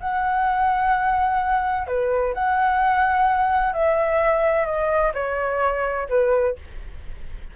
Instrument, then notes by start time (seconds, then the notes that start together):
flute
0.00 F#5
1.87 B4
2.34 F#5
3.73 E5
4.65 D#5
5.14 C#5
6.09 B4